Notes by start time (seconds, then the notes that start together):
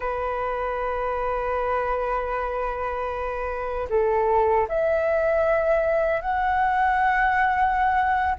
0.00 B4
3.89 A4
4.68 E5
6.21 F#5